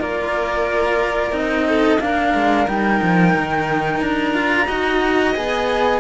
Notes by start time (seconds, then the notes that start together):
0.00 A#3 F4 A#4 D5
1.32 C4 D#4 D#5
1.69 A4
2.00 A#3 D4 A#4 F5
2.34 G#3
2.68 G3 D#4 G5
3.02 F3
3.35 D#3
4.00 D4 A#5
4.34 F4
4.67 D#4 F#4 D#5
5.35 B3 G#4 G#5